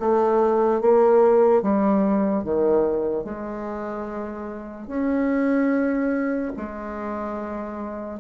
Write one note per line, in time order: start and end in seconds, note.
0.00 0.81 A3
0.81 1.63 A#3
1.63 2.44 G3
2.44 3.24 D#3
3.24 4.88 G#3
4.88 6.52 C#4
6.57 8.20 G#3